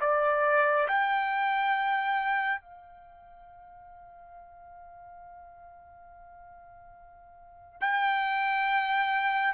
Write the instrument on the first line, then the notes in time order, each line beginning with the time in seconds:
trumpet
0.00 D5
0.87 G5
2.61 F5
7.81 G5